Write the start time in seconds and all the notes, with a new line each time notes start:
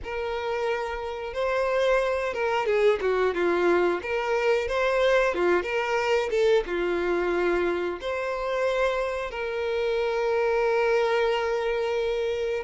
0.03 A#4
1.33 C5
2.33 A#4
2.65 G#4
3.01 F#4
3.34 F4
4.02 A#4
4.68 C5
5.34 F4
5.62 A#4
6.30 A4
6.66 F4
8.01 C5
9.30 A#4